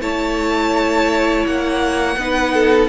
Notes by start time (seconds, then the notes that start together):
0.00 A3 E4 C#5 A5
1.46 A#3 F#5
2.16 B3 D#4 B4
2.53 A4